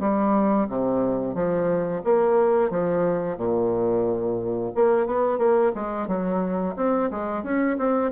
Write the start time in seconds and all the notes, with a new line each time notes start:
0.00 G3
0.69 C3
1.35 F3
2.04 A#3
2.70 F3
3.37 A#2
4.75 A#3
5.06 B3
5.38 A#3
5.75 G#3
6.07 F#3
6.76 C4
7.11 G#3
7.43 C#4
7.78 C4